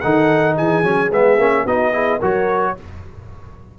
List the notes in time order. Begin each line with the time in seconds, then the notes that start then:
0.00 D#3 D#4 A4 F#5
0.56 E3 G#4 G#5
0.83 F#3 C#4
1.11 G#3 B3 E5
1.37 A#3 C#4
1.64 B3 D#4 F#4 D#5
1.93 E4 G#4
2.19 F#3 F#4 A#4 C#5